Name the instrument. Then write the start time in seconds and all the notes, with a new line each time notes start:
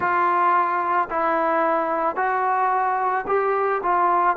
trombone
0.00 F4
1.10 E4
2.16 F#4
3.27 G4
3.82 F4